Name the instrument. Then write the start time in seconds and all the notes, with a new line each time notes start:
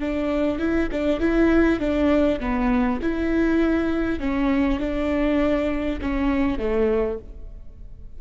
viola
0.00 D4
0.59 E4
0.92 D4
1.21 E4
1.80 D4
2.41 B3
3.02 E4
4.20 C#4
4.80 D4
6.02 C#4
6.59 A3